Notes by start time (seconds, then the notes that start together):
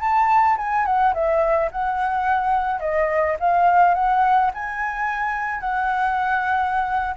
0.00 A5
0.57 G#5
0.85 F#5
1.14 E5
1.71 F#5
2.80 D#5
3.39 F5
3.94 F#5
4.54 G#5
5.60 F#5